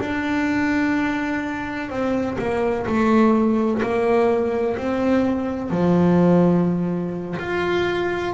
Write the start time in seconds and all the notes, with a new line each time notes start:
0.00 D4
1.90 C4
2.39 A#3
2.87 A3
3.83 A#3
4.77 C4
5.71 F3
7.39 F4